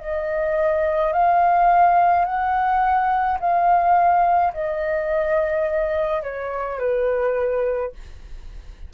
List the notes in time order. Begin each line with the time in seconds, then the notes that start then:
0.00 D#5
1.13 F5
2.25 F#5
3.40 F5
4.54 D#5
6.23 C#5
6.79 B4